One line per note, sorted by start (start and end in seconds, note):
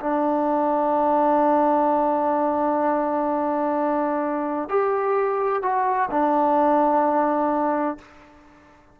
0.00 4.69 D4
4.69 5.62 G4
5.62 6.09 F#4
6.11 7.98 D4